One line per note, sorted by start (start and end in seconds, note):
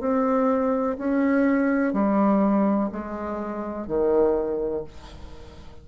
0.00 0.97 C4
0.98 1.93 C#4
1.93 2.90 G3
2.92 3.88 G#3
3.88 4.84 D#3